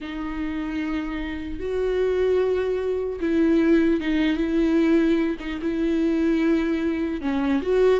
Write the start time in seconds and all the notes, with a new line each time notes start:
0.00 D#4
1.59 F#4
3.20 E4
4.00 D#4
4.37 E4
5.39 D#4
5.61 E4
7.21 C#4
7.62 F#4